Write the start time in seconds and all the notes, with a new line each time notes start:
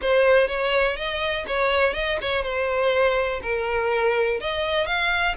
0.01 C5
0.47 C#5
0.96 D#5
1.47 C#5
1.93 D#5
2.21 C#5
2.43 C5
3.42 A#4
4.40 D#5
4.86 F5